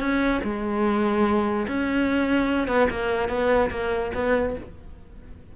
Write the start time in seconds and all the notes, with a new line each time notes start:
0.00 C#4
0.44 G#3
1.68 C#4
2.68 B3
2.90 A#3
3.29 B3
3.71 A#3
4.15 B3